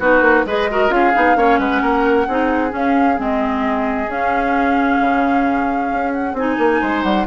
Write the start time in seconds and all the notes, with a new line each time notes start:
0.00 B3 D#4 F#4 B4
0.21 A#3
0.46 G#3 G#4 B4 D#5
0.71 F#4 A#4
0.90 C#4 F4 G#4 F5
1.15 B3 D#4
1.36 A#3 C#4 C#5
1.59 G#3 B4 F#5
1.82 A#3 A#4
2.28 C4 D#4 G#4
2.70 C#4 F5
3.18 G#3 C4 D#5
4.08 C#4 F5
5.01 C#3
5.92 C#4
6.14 F#5
6.34 C4 D#4 G#5
6.59 A#3
6.82 G#3 C5
7.03 G3 F#5